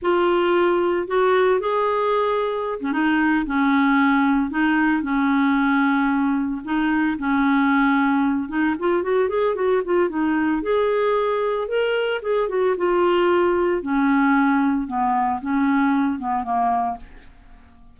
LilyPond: \new Staff \with { instrumentName = "clarinet" } { \time 4/4 \tempo 4 = 113 f'2 fis'4 gis'4~ | gis'4~ gis'16 cis'16 dis'4 cis'4.~ | cis'8 dis'4 cis'2~ cis'8~ | cis'8 dis'4 cis'2~ cis'8 |
dis'8 f'8 fis'8 gis'8 fis'8 f'8 dis'4 | gis'2 ais'4 gis'8 fis'8 | f'2 cis'2 | b4 cis'4. b8 ais4 | }